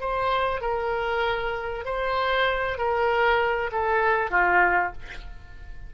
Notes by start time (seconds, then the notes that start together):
0.00 C5
0.61 A#4
1.85 C5
2.78 A#4
3.72 A4
4.30 F4